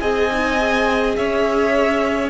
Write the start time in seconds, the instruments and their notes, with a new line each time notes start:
0.00 cello C4, viola G#4, violin D#5 G#5
0.32 viola D#4
0.57 viola G#4
1.16 cello C#4, violin C#5 E5